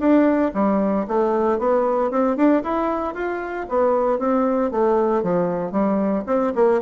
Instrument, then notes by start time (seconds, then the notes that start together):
bassoon
0.00 D4
0.55 G3
1.08 A3
1.59 B3
2.11 C4
2.37 D4
2.63 E4
3.15 F4
3.69 B3
4.19 C4
4.71 A3
5.23 F3
5.72 G3
6.27 C4
6.55 A#3